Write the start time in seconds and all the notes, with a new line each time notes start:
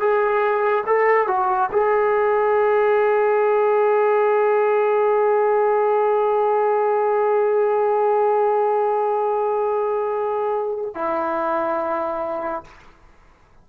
0.00 G#4
0.87 A4
1.28 F#4
1.72 G#4
10.95 E4